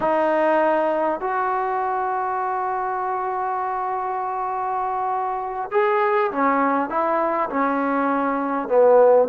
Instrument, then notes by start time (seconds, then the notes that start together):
trombone
0.00 D#4
1.20 F#4
5.71 G#4
6.31 C#4
6.89 E4
7.49 C#4
8.68 B3